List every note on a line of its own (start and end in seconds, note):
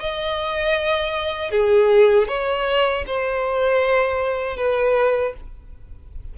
0.00 1.51 D#5
1.51 2.28 G#4
2.28 3.05 C#5
3.07 4.57 C5
4.57 5.34 B4